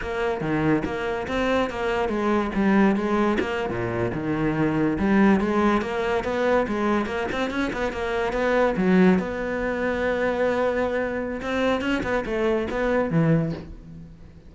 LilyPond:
\new Staff \with { instrumentName = "cello" } { \time 4/4 \tempo 4 = 142 ais4 dis4 ais4 c'4 | ais4 gis4 g4 gis4 | ais8. ais,4 dis2 g16~ | g8. gis4 ais4 b4 gis16~ |
gis8. ais8 c'8 cis'8 b8 ais4 b16~ | b8. fis4 b2~ b16~ | b2. c'4 | cis'8 b8 a4 b4 e4 | }